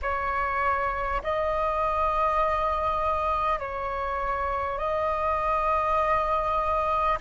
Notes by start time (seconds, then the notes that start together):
0.02 C#5
1.23 D#5
3.59 C#5
4.78 D#5